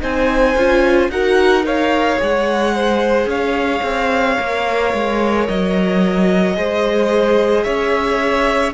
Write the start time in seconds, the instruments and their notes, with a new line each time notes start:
0.00 cello C4, viola D#4, violin C5 G#5
0.56 cello C#4, viola F4
1.09 cello D#4, viola F#4, violin A#4 F#5
1.63 viola A#4, violin C#5 F5
2.19 cello G#3, viola G#4, violin F#5
2.75 violin C5
3.26 cello C#4, violin C#5 F5
3.83 cello C4
4.37 cello A#3, viola A#4
4.94 cello G#3
5.48 cello F#3, violin D#5
6.54 cello G#3, viola G#4, violin C5
7.64 cello C#4, violin C#5 E5